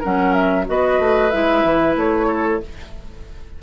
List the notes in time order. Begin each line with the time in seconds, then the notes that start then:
0.00 F#3 C#4 A#4 F#5
0.33 E5
0.66 B3 F#4 B4 D#5
0.99 A3
1.30 G#3 E4 E5
1.64 E3
1.96 A3 C#5
2.27 A4